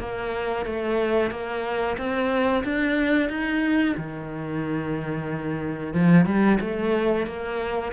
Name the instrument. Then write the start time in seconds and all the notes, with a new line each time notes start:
cello
0.00 A#3
0.66 A3
1.31 A#3
1.98 C4
2.64 D4
3.29 D#4
3.97 D#3
5.94 F3
6.26 G3
6.61 A3
7.27 A#3